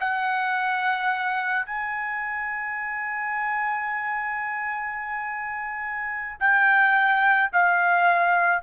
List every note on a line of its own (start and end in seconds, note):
0.00 1.66 F#5
1.66 6.38 G#5
6.39 7.51 G5
7.53 8.63 F5